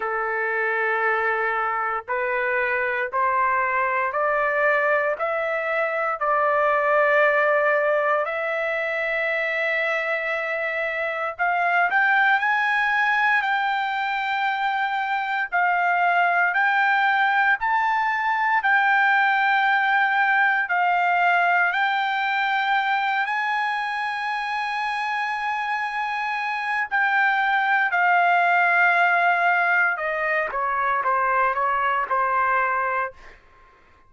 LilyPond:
\new Staff \with { instrumentName = "trumpet" } { \time 4/4 \tempo 4 = 58 a'2 b'4 c''4 | d''4 e''4 d''2 | e''2. f''8 g''8 | gis''4 g''2 f''4 |
g''4 a''4 g''2 | f''4 g''4. gis''4.~ | gis''2 g''4 f''4~ | f''4 dis''8 cis''8 c''8 cis''8 c''4 | }